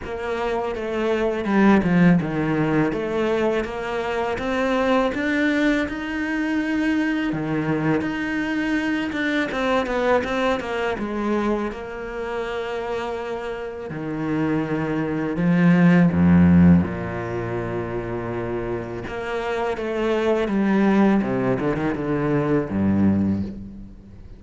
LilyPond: \new Staff \with { instrumentName = "cello" } { \time 4/4 \tempo 4 = 82 ais4 a4 g8 f8 dis4 | a4 ais4 c'4 d'4 | dis'2 dis4 dis'4~ | dis'8 d'8 c'8 b8 c'8 ais8 gis4 |
ais2. dis4~ | dis4 f4 f,4 ais,4~ | ais,2 ais4 a4 | g4 c8 d16 dis16 d4 g,4 | }